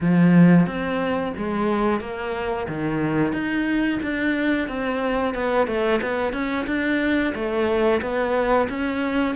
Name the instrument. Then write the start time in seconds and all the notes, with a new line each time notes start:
cello
0.01 F3
0.66 C4
1.37 G#3
2.00 A#3
2.68 D#3
3.32 D#4
4.02 D4
4.68 C4
5.34 B3
5.67 A3
6.02 B3
6.32 C#4
6.67 D4
7.34 A3
8.01 B3
8.68 C#4